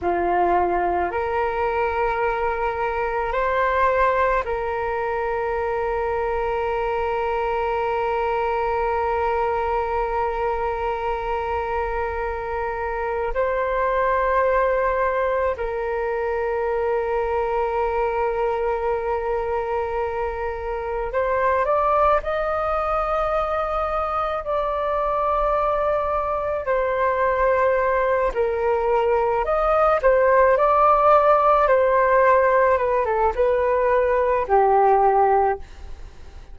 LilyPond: \new Staff \with { instrumentName = "flute" } { \time 4/4 \tempo 4 = 54 f'4 ais'2 c''4 | ais'1~ | ais'1 | c''2 ais'2~ |
ais'2. c''8 d''8 | dis''2 d''2 | c''4. ais'4 dis''8 c''8 d''8~ | d''8 c''4 b'16 a'16 b'4 g'4 | }